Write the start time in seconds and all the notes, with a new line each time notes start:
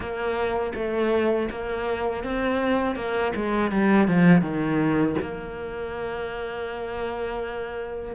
0.00 A#3
0.74 A3
1.50 A#3
2.23 C4
2.95 A#3
3.35 G#3
3.71 G3
4.07 F3
4.41 D#3
5.21 A#3